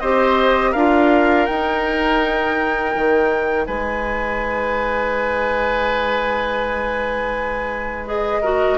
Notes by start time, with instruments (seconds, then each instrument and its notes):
0.00 bassoon C4, clarinet G4, oboe C5, flute D#5
0.72 bassoon D4, clarinet F4, oboe A#4, flute F5
1.46 clarinet D#4, bassoon D#4, flute G5
2.96 bassoon D#3
3.66 bassoon G#3, oboe B4, flute G#5
8.06 clarinet G#4, flute D#5
8.42 clarinet F#4, oboe A#4